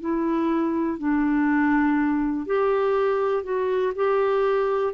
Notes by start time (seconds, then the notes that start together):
0.00 E4
0.98 D4
2.46 G4
3.43 F#4
3.95 G4